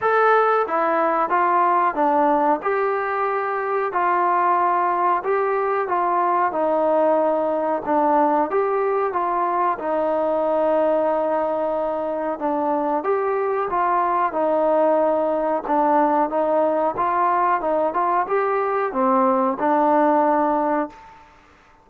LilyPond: \new Staff \with { instrumentName = "trombone" } { \time 4/4 \tempo 4 = 92 a'4 e'4 f'4 d'4 | g'2 f'2 | g'4 f'4 dis'2 | d'4 g'4 f'4 dis'4~ |
dis'2. d'4 | g'4 f'4 dis'2 | d'4 dis'4 f'4 dis'8 f'8 | g'4 c'4 d'2 | }